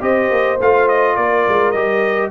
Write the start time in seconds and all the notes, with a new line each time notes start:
0.00 C4 G4 C5 D#5
0.30 A#3
0.60 A3 F4 F5
0.88 D#5
1.16 A#3 A#4 D5
1.48 G#3
1.71 G3 G4 D#5